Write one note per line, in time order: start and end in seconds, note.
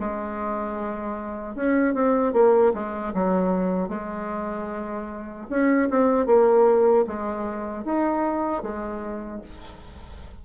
0.00 1.55 G#3
1.55 1.94 C#4
1.94 2.33 C4
2.33 2.73 A#3
2.74 3.13 G#3
3.14 3.89 F#3
3.89 5.47 G#3
5.50 5.89 C#4
5.90 6.26 C4
6.26 7.05 A#3
7.07 7.85 G#3
7.85 8.63 D#4
8.63 9.42 G#3